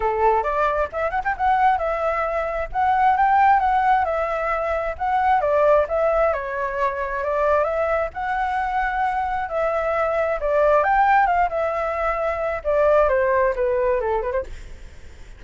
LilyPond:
\new Staff \with { instrumentName = "flute" } { \time 4/4 \tempo 4 = 133 a'4 d''4 e''8 fis''16 g''16 fis''4 | e''2 fis''4 g''4 | fis''4 e''2 fis''4 | d''4 e''4 cis''2 |
d''4 e''4 fis''2~ | fis''4 e''2 d''4 | g''4 f''8 e''2~ e''8 | d''4 c''4 b'4 a'8 b'16 c''16 | }